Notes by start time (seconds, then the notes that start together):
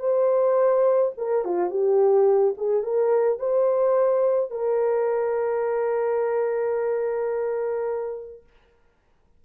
0.00 C5
1.18 A#4
1.45 F4
1.71 G4
2.58 G#4
2.83 A#4
3.39 C5
4.51 A#4